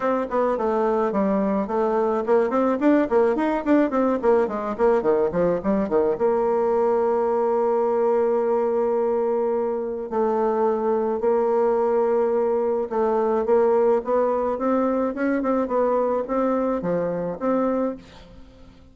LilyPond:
\new Staff \with { instrumentName = "bassoon" } { \time 4/4 \tempo 4 = 107 c'8 b8 a4 g4 a4 | ais8 c'8 d'8 ais8 dis'8 d'8 c'8 ais8 | gis8 ais8 dis8 f8 g8 dis8 ais4~ | ais1~ |
ais2 a2 | ais2. a4 | ais4 b4 c'4 cis'8 c'8 | b4 c'4 f4 c'4 | }